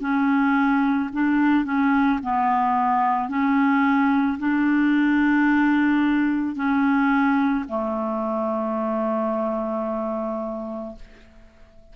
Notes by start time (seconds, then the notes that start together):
0.00 C#4
1.12 D4
1.65 C#4
2.22 B3
3.29 C#4
4.38 D4
6.55 C#4
7.68 A3